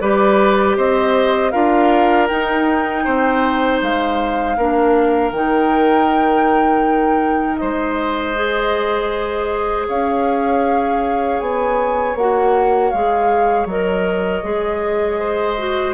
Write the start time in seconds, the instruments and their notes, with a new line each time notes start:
0.00 bassoon G3, clarinet G4, oboe B4, flute D5
0.77 bassoon C4, oboe C5, flute D#5
1.51 bassoon D4, clarinet F4, oboe A#4, flute F5
2.28 clarinet D#4, bassoon D#4, flute G5
3.05 bassoon C4, oboe C5
3.82 bassoon G#3, flute F5
4.57 bassoon A#3, clarinet D4, oboe A#4
5.32 bassoon D#3, clarinet D#4, flute G5
7.56 bassoon G#3, oboe C5, flute D#5
8.35 clarinet G#4
9.87 bassoon C#4, oboe C#5, flute F5
11.40 bassoon B3, flute G#5
12.15 bassoon A#3, clarinet F#4, flute F#5
12.91 bassoon G#3, clarinet G#4, flute F5
13.65 bassoon F#3, clarinet A#4, flute D#5
14.43 bassoon G#3, clarinet G#4
15.19 oboe C5
15.57 clarinet F#4